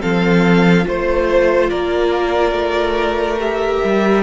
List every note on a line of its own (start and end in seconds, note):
0.00 0.86 F3
0.00 0.83 C4
0.00 0.86 A4
0.00 0.87 F5
0.83 1.71 A3
0.83 3.37 F4
0.83 1.70 C5
1.70 2.51 A#3
1.70 4.23 A#4
1.70 3.39 D5
2.51 3.78 A3
3.39 4.23 G4
3.39 4.23 E5
3.84 4.23 G3